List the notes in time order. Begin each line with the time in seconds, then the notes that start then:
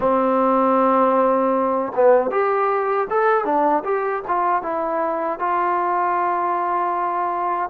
0.00 C4
1.95 B3
2.30 G4
3.10 A4
3.44 D4
3.84 G4
4.27 F4
4.62 E4
5.39 F4